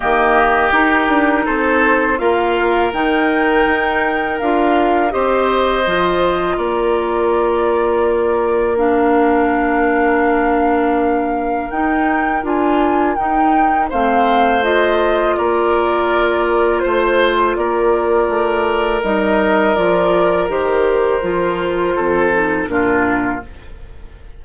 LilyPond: <<
  \new Staff \with { instrumentName = "flute" } { \time 4/4 \tempo 4 = 82 dis''4 ais'4 c''4 f''4 | g''2 f''4 dis''4~ | dis''4 d''2. | f''1 |
g''4 gis''4 g''4 f''4 | dis''4 d''2 c''4 | d''2 dis''4 d''4 | c''2. ais'4 | }
  \new Staff \with { instrumentName = "oboe" } { \time 4/4 g'2 a'4 ais'4~ | ais'2. c''4~ | c''4 ais'2.~ | ais'1~ |
ais'2. c''4~ | c''4 ais'2 c''4 | ais'1~ | ais'2 a'4 f'4 | }
  \new Staff \with { instrumentName = "clarinet" } { \time 4/4 ais4 dis'2 f'4 | dis'2 f'4 g'4 | f'1 | d'1 |
dis'4 f'4 dis'4 c'4 | f'1~ | f'2 dis'4 f'4 | g'4 f'4. dis'8 d'4 | }
  \new Staff \with { instrumentName = "bassoon" } { \time 4/4 dis4 dis'8 d'8 c'4 ais4 | dis4 dis'4 d'4 c'4 | f4 ais2.~ | ais1 |
dis'4 d'4 dis'4 a4~ | a4 ais2 a4 | ais4 a4 g4 f4 | dis4 f4 f,4 ais,4 | }
>>